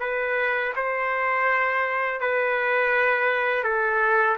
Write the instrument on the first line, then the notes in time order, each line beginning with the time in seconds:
trumpet
0.00 B4
0.76 C5
2.21 B4
3.64 A4